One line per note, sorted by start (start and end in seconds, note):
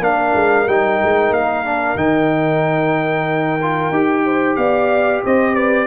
0.00 0.33 A#3
0.00 0.67 D4
0.00 4.25 A#4
0.00 0.68 F5
0.34 0.67 G#3
0.67 1.00 G3
0.67 1.65 D#4
0.67 1.33 G5
1.03 1.30 G#3
1.30 1.95 A#3
1.30 1.97 F5
1.65 1.97 D4
1.96 3.90 D#3
1.96 3.60 D#4
1.96 4.56 G5
3.62 3.93 F4
3.90 4.56 D#4
3.90 5.87 G4
4.25 4.57 C5
4.56 5.22 B3
4.56 5.23 D5
4.56 5.21 F5
5.24 5.87 C4
5.24 5.55 C5
5.24 5.55 D#5
5.55 5.87 B4
5.55 5.87 D5